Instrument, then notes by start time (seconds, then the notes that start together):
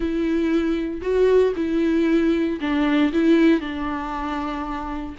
viola
0.00 E4
1.01 F#4
1.56 E4
2.60 D4
3.12 E4
3.60 D4